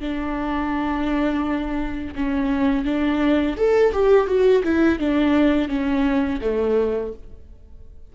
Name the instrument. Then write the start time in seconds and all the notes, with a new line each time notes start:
viola
0.00 D4
2.15 C#4
2.85 D4
3.57 A4
3.93 G4
4.27 F#4
4.64 E4
4.99 D4
5.69 C#4
6.42 A3